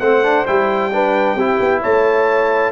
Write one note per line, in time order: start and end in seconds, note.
0.00 0.46 A3
0.00 0.23 C4
0.00 0.90 C5
0.00 0.45 F#5
0.23 0.45 D4
0.46 1.35 G3
0.46 0.92 E4
0.46 1.82 G5
0.93 1.38 D4
0.93 1.35 B4
1.35 1.58 C4
1.35 2.72 E4
1.35 1.81 G4
1.59 1.82 B3
1.82 2.72 A3
1.82 2.72 C#5
1.82 2.72 A5